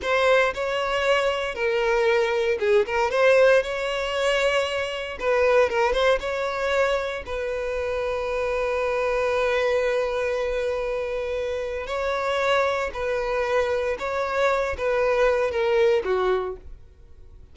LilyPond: \new Staff \with { instrumentName = "violin" } { \time 4/4 \tempo 4 = 116 c''4 cis''2 ais'4~ | ais'4 gis'8 ais'8 c''4 cis''4~ | cis''2 b'4 ais'8 c''8 | cis''2 b'2~ |
b'1~ | b'2. cis''4~ | cis''4 b'2 cis''4~ | cis''8 b'4. ais'4 fis'4 | }